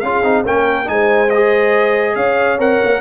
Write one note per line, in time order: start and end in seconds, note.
0.00 0.23 C#4
0.00 0.23 F4
0.00 0.46 G#4
0.00 0.43 F5
0.23 0.45 C4
0.23 0.45 D#4
0.46 0.88 A#3
0.46 0.85 C#4
0.46 0.89 A#4
0.46 0.89 G5
0.85 2.16 G#3
0.85 1.28 D#4
0.85 1.30 G#5
0.92 2.16 C5
1.30 2.59 G#4
1.30 2.16 D#5
2.16 2.59 C#4
2.16 3.01 C#5
2.16 2.59 F5
2.59 2.80 C4
2.59 3.01 A#4
2.59 3.01 F#5
2.84 3.01 A#3